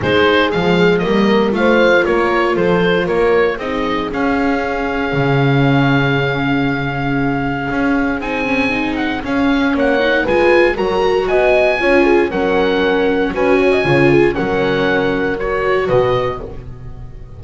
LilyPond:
<<
  \new Staff \with { instrumentName = "oboe" } { \time 4/4 \tempo 4 = 117 c''4 f''4 dis''4 f''4 | cis''4 c''4 cis''4 dis''4 | f''1~ | f''1 |
gis''4. fis''8 f''4 fis''4 | gis''4 ais''4 gis''2 | fis''2 gis''2 | fis''2 cis''4 dis''4 | }
  \new Staff \with { instrumentName = "horn" } { \time 4/4 gis'2 ais'4 c''4 | ais'4 a'4 ais'4 gis'4~ | gis'1~ | gis'1~ |
gis'2. cis''4 | b'4 ais'4 dis''4 cis''8 gis'8 | ais'2 b'8 cis''16 dis''16 cis''8 gis'8 | ais'2. b'4 | }
  \new Staff \with { instrumentName = "viola" } { \time 4/4 dis'4 gis4 ais4 f'4~ | f'2. dis'4 | cis'1~ | cis'1 |
dis'8 cis'8 dis'4 cis'4. dis'8 | f'4 fis'2 f'4 | cis'2 fis'4 f'4 | cis'2 fis'2 | }
  \new Staff \with { instrumentName = "double bass" } { \time 4/4 gis4 f4 g4 a4 | ais4 f4 ais4 c'4 | cis'2 cis2~ | cis2. cis'4 |
c'2 cis'4 ais4 | gis4 fis4 b4 cis'4 | fis2 cis'4 cis4 | fis2. b,4 | }
>>